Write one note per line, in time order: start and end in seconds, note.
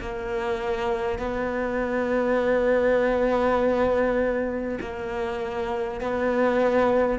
0.00 1.19 A#3
1.19 4.79 B3
4.81 6.01 A#3
6.01 7.19 B3